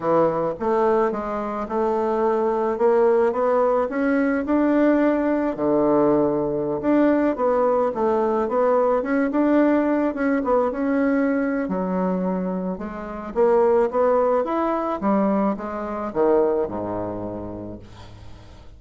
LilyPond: \new Staff \with { instrumentName = "bassoon" } { \time 4/4 \tempo 4 = 108 e4 a4 gis4 a4~ | a4 ais4 b4 cis'4 | d'2 d2~ | d16 d'4 b4 a4 b8.~ |
b16 cis'8 d'4. cis'8 b8 cis'8.~ | cis'4 fis2 gis4 | ais4 b4 e'4 g4 | gis4 dis4 gis,2 | }